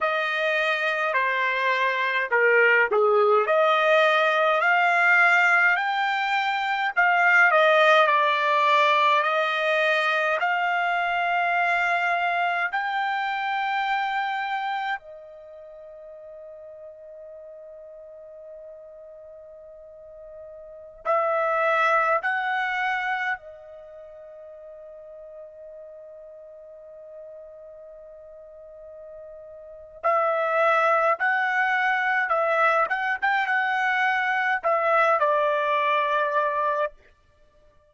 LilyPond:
\new Staff \with { instrumentName = "trumpet" } { \time 4/4 \tempo 4 = 52 dis''4 c''4 ais'8 gis'8 dis''4 | f''4 g''4 f''8 dis''8 d''4 | dis''4 f''2 g''4~ | g''4 dis''2.~ |
dis''2~ dis''16 e''4 fis''8.~ | fis''16 dis''2.~ dis''8.~ | dis''2 e''4 fis''4 | e''8 fis''16 g''16 fis''4 e''8 d''4. | }